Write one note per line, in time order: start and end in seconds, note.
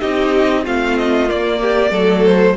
0.00 0.66 C4
0.00 0.65 D#4
0.00 0.64 G4
0.00 0.64 D#5
0.64 1.30 A3
0.64 1.27 C4
0.64 1.59 F4
0.64 0.98 F5
0.98 1.30 D#5
1.27 1.91 A#3
1.27 2.26 D5
1.61 1.91 G4
1.91 2.55 F#3
1.91 2.55 A3
1.91 2.55 A4
2.26 2.57 C5